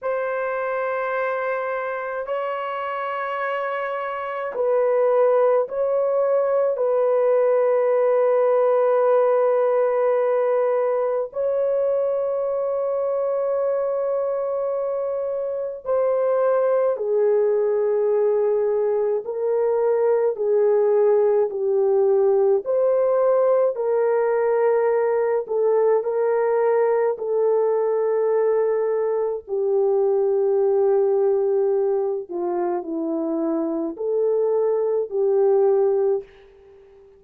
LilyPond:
\new Staff \with { instrumentName = "horn" } { \time 4/4 \tempo 4 = 53 c''2 cis''2 | b'4 cis''4 b'2~ | b'2 cis''2~ | cis''2 c''4 gis'4~ |
gis'4 ais'4 gis'4 g'4 | c''4 ais'4. a'8 ais'4 | a'2 g'2~ | g'8 f'8 e'4 a'4 g'4 | }